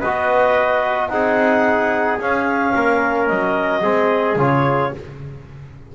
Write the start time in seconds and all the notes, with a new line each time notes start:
0.00 B3 F#4 B4 D#5
1.09 C4 D#4 G#4 F#5
2.19 C#4 F5
2.75 A#3 A#4
3.27 F#3 D#5
3.82 G#3 C4 G#4
4.35 C#3 F4 C#5